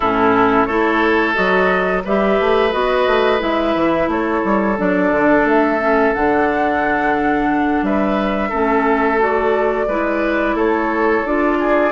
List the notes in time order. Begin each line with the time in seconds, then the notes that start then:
0.00 A2 C#4 E4 A4
0.65 A3 E4 A4 C#5
1.34 F#3 F#4 D#5
2.04 G3 G4 B4 E5
2.40 A3
2.71 B3 F#4 D#5
3.06 A3
3.38 G#3 E4 E5
3.75 E3
4.07 A3 A4 C#5
4.44 G3
4.78 F#3 D4 D5
5.11 D3
5.44 A3 E5
5.80 C#4
6.13 D3 D4 F#5
7.82 G3 B4 E5
8.48 A3 C#4 A4
9.18 F#4 D5
9.87 G#3 E4 B4
10.54 A3 A4 C#5
11.25 D4 F4 D5
11.59 G#4